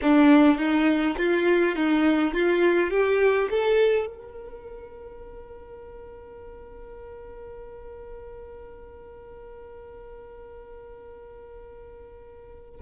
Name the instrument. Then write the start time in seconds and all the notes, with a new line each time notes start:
violin
0.02 D4
0.58 D#4
1.17 F4
1.75 D#4
2.33 F4
2.90 G4
3.50 A4
4.06 A#4